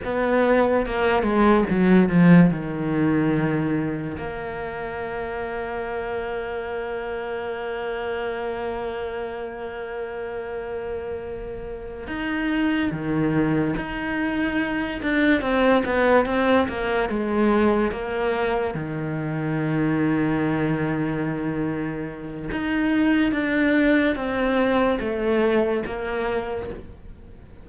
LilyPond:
\new Staff \with { instrumentName = "cello" } { \time 4/4 \tempo 4 = 72 b4 ais8 gis8 fis8 f8 dis4~ | dis4 ais2.~ | ais1~ | ais2~ ais8 dis'4 dis8~ |
dis8 dis'4. d'8 c'8 b8 c'8 | ais8 gis4 ais4 dis4.~ | dis2. dis'4 | d'4 c'4 a4 ais4 | }